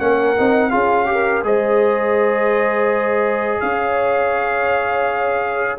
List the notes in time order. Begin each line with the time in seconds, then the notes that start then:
0.00 A#3 C#4 A#4 F#5
0.36 C4 D#4
0.71 C#4 F4 G#4 F5
1.06 G4 A#4
1.44 G#3 G#4 C5 D#5
3.61 C#4 C#5 F5